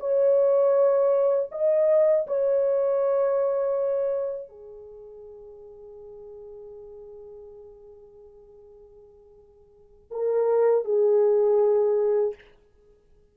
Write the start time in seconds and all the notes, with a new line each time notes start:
0.00 C#5
1.52 D#5
2.27 C#5
4.49 G#4
10.11 A#4
10.85 G#4